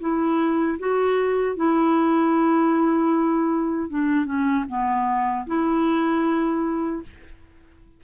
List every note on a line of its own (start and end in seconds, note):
0.00 0.78 E4
0.79 1.56 F#4
1.56 3.89 E4
3.89 4.26 D4
4.26 4.65 C#4
4.68 5.46 B3
5.47 7.03 E4